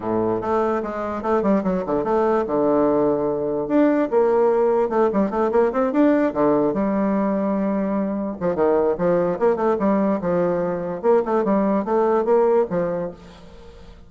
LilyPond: \new Staff \with { instrumentName = "bassoon" } { \time 4/4 \tempo 4 = 147 a,4 a4 gis4 a8 g8 | fis8 d8 a4 d2~ | d4 d'4 ais2 | a8 g8 a8 ais8 c'8 d'4 d8~ |
d8 g2.~ g8~ | g8 f8 dis4 f4 ais8 a8 | g4 f2 ais8 a8 | g4 a4 ais4 f4 | }